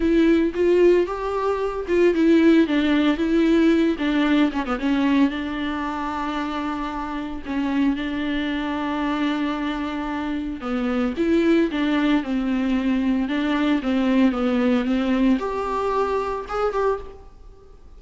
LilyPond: \new Staff \with { instrumentName = "viola" } { \time 4/4 \tempo 4 = 113 e'4 f'4 g'4. f'8 | e'4 d'4 e'4. d'8~ | d'8 cis'16 b16 cis'4 d'2~ | d'2 cis'4 d'4~ |
d'1 | b4 e'4 d'4 c'4~ | c'4 d'4 c'4 b4 | c'4 g'2 gis'8 g'8 | }